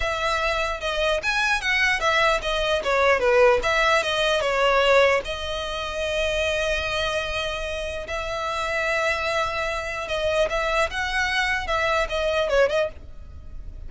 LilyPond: \new Staff \with { instrumentName = "violin" } { \time 4/4 \tempo 4 = 149 e''2 dis''4 gis''4 | fis''4 e''4 dis''4 cis''4 | b'4 e''4 dis''4 cis''4~ | cis''4 dis''2.~ |
dis''1 | e''1~ | e''4 dis''4 e''4 fis''4~ | fis''4 e''4 dis''4 cis''8 dis''8 | }